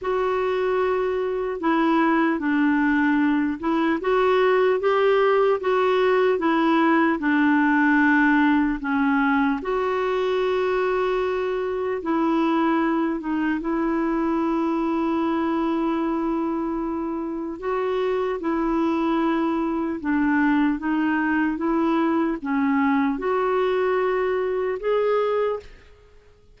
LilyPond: \new Staff \with { instrumentName = "clarinet" } { \time 4/4 \tempo 4 = 75 fis'2 e'4 d'4~ | d'8 e'8 fis'4 g'4 fis'4 | e'4 d'2 cis'4 | fis'2. e'4~ |
e'8 dis'8 e'2.~ | e'2 fis'4 e'4~ | e'4 d'4 dis'4 e'4 | cis'4 fis'2 gis'4 | }